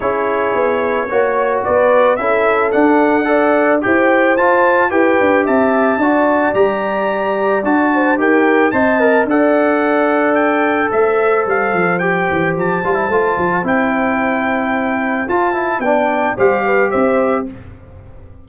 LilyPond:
<<
  \new Staff \with { instrumentName = "trumpet" } { \time 4/4 \tempo 4 = 110 cis''2. d''4 | e''4 fis''2 g''4 | a''4 g''4 a''2 | ais''2 a''4 g''4 |
a''4 fis''2 g''4 | e''4 f''4 g''4 a''4~ | a''4 g''2. | a''4 g''4 f''4 e''4 | }
  \new Staff \with { instrumentName = "horn" } { \time 4/4 gis'2 cis''4 b'4 | a'2 d''4 c''4~ | c''4 b'4 e''4 d''4~ | d''2~ d''8 c''8 ais'4 |
dis''4 d''2. | c''1~ | c''1~ | c''4 d''4 c''8 b'8 c''4 | }
  \new Staff \with { instrumentName = "trombone" } { \time 4/4 e'2 fis'2 | e'4 d'4 a'4 g'4 | f'4 g'2 fis'4 | g'2 fis'4 g'4 |
c''8 ais'8 a'2.~ | a'2 g'4. f'16 e'16 | f'4 e'2. | f'8 e'8 d'4 g'2 | }
  \new Staff \with { instrumentName = "tuba" } { \time 4/4 cis'4 b4 ais4 b4 | cis'4 d'2 e'4 | f'4 e'8 d'8 c'4 d'4 | g2 d'4 dis'4 |
c'4 d'2. | a4 g8 f4 e8 f8 g8 | a8 f8 c'2. | f'4 b4 g4 c'4 | }
>>